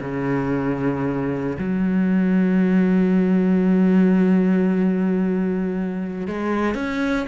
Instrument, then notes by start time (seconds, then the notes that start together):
cello
0.00 C#3
1.58 F#3
6.27 G#3
6.74 C#4